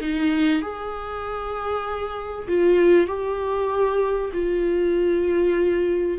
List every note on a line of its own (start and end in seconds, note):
0.00 0.62 D#4
0.62 2.47 G#4
2.47 3.07 F4
3.07 4.31 G4
4.33 6.18 F4